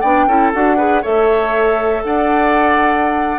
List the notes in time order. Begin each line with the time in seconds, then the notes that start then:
0.00 B3 D4 D5 G5
0.26 C#4 E4 A4
0.53 D4 F#4 F#5
0.76 G#4 B4
1.01 A3 A4 C#5 E5
2.02 D4 D5 F#5